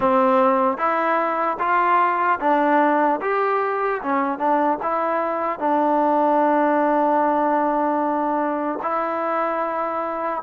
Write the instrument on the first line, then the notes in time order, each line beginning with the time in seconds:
trombone
0.00 C4
0.77 E4
1.59 F4
2.40 D4
3.21 G4
4.02 C#4
4.38 D4
4.82 E4
5.59 D4
8.82 E4